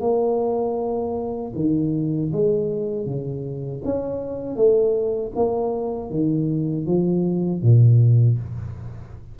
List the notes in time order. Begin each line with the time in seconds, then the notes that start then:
0.00 A#3
1.55 D#3
2.32 G#3
3.06 C#3
3.84 C#4
4.55 A3
5.35 A#3
6.10 D#3
6.86 F3
7.62 A#2